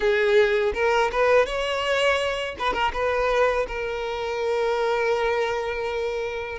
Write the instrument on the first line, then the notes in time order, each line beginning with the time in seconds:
violin
0.00 G#4
0.74 A#4
1.12 B4
1.45 C#5
2.58 B4
2.73 A#4
2.93 B4
3.68 A#4